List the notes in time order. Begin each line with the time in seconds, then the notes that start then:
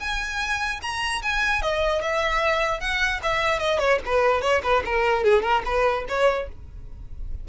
0.00 G#5
0.82 A#5
1.23 G#5
1.62 D#5
2.02 E5
2.80 F#5
3.23 E5
3.59 D#5
3.79 C#5
4.06 B4
4.42 C#5
4.63 B4
4.85 A#4
5.24 G#4
5.43 A#4
5.65 B4
6.09 C#5